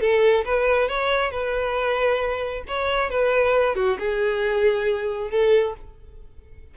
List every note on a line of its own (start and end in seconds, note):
0.00 0.44 A4
0.44 0.88 B4
0.88 1.31 C#5
1.31 2.63 B4
2.67 3.09 C#5
3.09 3.75 B4
3.75 3.97 F#4
3.99 5.30 G#4
5.30 5.74 A4